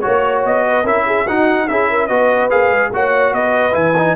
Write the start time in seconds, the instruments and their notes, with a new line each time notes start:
0.00 trombone F#4, trumpet C#5, horn C#5
0.06 tuba A#3
0.44 tuba B3, trumpet D#5
0.66 horn B4
0.84 tuba C#4, trombone E4, horn A#4, trumpet E5
1.06 horn G#4
1.25 trombone D#4, tuba D#4, horn F#4, trumpet F#5
1.68 tuba C#4, trombone E4, horn G#4, trumpet E5
1.90 horn A#4
2.07 tuba B3, trombone F#4, horn B4, trumpet D#5
2.50 tuba A#3, trombone G#4, trumpet F5
2.70 tuba G#3
2.91 tuba A#3, trombone F#4, horn C#5, trumpet F#5
3.32 tuba B3, horn B4, trumpet D#5
3.72 tuba E3, trombone E4, trumpet G#5
3.98 trombone D#4